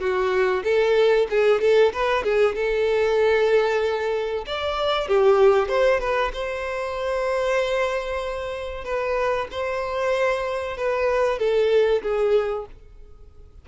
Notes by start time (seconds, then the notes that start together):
0.00 F#4
0.64 A4
1.30 G#4
1.60 A4
1.93 B4
2.23 G#4
2.55 A4
4.46 D5
5.08 G4
5.68 C5
6.00 B4
6.33 C5
8.84 B4
9.51 C5
10.77 B4
11.39 A4
12.02 G#4